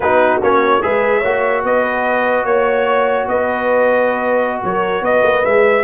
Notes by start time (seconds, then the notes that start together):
0.00 B3 D#4 F#4 B4
0.41 A#3 C#4 C#5
0.81 G#3 G#4 B4 E5
1.19 A#3 F#4 C#5
1.63 B3 B4 D#5
2.44 A#3 C#5
3.28 B3 B4 D#5
4.63 F#3 A#4 C#5
5.01 B3 B4 D#5
5.23 A#3
5.43 G#3 G#4 E5